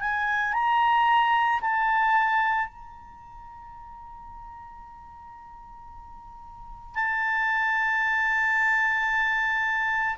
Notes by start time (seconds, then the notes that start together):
0.00 G#5
0.53 A#5
1.61 A5
2.67 A#5
6.95 A5